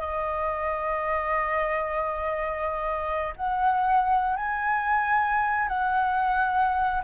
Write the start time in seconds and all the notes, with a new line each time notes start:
0.00 D#5
3.36 F#5
4.36 G#5
5.68 F#5